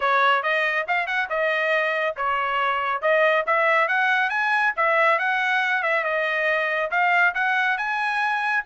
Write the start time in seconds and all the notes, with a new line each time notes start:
0.00 C#5
0.42 D#5
0.87 F5
1.06 F#5
1.29 D#5
2.16 C#5
3.01 D#5
3.46 E5
3.87 F#5
4.29 G#5
4.76 E5
5.18 F#5
5.82 E5
6.04 D#5
6.90 F5
7.34 F#5
7.77 G#5